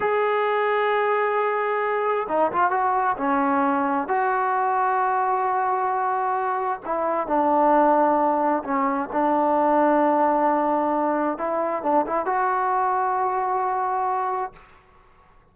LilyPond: \new Staff \with { instrumentName = "trombone" } { \time 4/4 \tempo 4 = 132 gis'1~ | gis'4 dis'8 f'8 fis'4 cis'4~ | cis'4 fis'2.~ | fis'2. e'4 |
d'2. cis'4 | d'1~ | d'4 e'4 d'8 e'8 fis'4~ | fis'1 | }